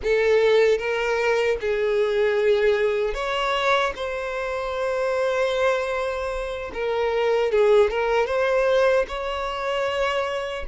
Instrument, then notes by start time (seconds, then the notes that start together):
violin
0.03 A4
0.78 A#4
1.60 G#4
3.14 C#5
3.95 C5
6.73 A#4
7.51 G#4
7.90 A#4
8.26 C5
9.08 C#5